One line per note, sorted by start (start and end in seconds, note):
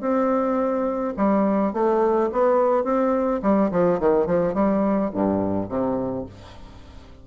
0.00 1.13 C4
1.17 1.73 G3
1.73 2.30 A3
2.32 2.84 B3
2.84 3.40 C4
3.42 3.70 G3
3.71 3.99 F3
3.99 4.26 D#3
4.26 4.54 F3
4.54 5.10 G3
5.13 5.69 G2
5.69 6.25 C3